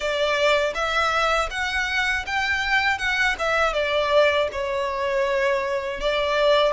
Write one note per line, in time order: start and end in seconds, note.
0.00 0.73 D5
0.74 1.49 E5
1.50 2.25 F#5
2.26 2.98 G5
2.98 3.35 F#5
3.38 3.73 E5
3.73 4.48 D5
4.52 6.00 C#5
6.00 6.72 D5